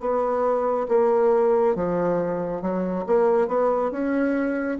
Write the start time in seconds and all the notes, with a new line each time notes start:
0.00 B3
0.89 A#3
1.75 F3
2.62 F#3
3.07 A#3
3.48 B3
3.91 C#4